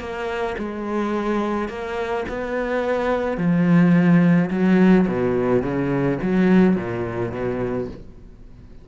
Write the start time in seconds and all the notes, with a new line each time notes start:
0.00 A#3
0.58 G#3
1.68 A#3
2.29 B3
3.38 F3
4.50 F#3
5.07 B2
5.62 C#3
6.22 F#3
6.76 A#2
7.32 B2